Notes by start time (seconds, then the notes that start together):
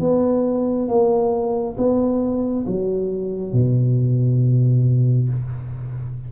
0.00 B3
0.88 A#3
1.77 B3
2.66 F#3
3.53 B2